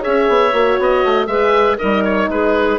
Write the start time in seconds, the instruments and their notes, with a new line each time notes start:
0.00 bassoon C#4, horn G#4, clarinet C#5, oboe E5
0.28 bassoon B3
0.52 bassoon A#3, horn F#4
0.79 bassoon B3, oboe D#5
1.04 bassoon A3
1.27 bassoon G#3, horn G#4, clarinet B4, oboe E5
1.77 bassoon G3, horn D#4, clarinet A#4, oboe D#5
2.04 oboe C#5
2.28 bassoon G#3, clarinet G#4, oboe B4